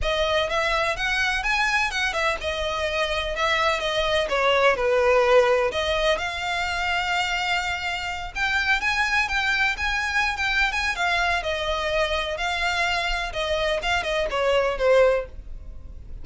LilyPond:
\new Staff \with { instrumentName = "violin" } { \time 4/4 \tempo 4 = 126 dis''4 e''4 fis''4 gis''4 | fis''8 e''8 dis''2 e''4 | dis''4 cis''4 b'2 | dis''4 f''2.~ |
f''4. g''4 gis''4 g''8~ | g''8 gis''4~ gis''16 g''8. gis''8 f''4 | dis''2 f''2 | dis''4 f''8 dis''8 cis''4 c''4 | }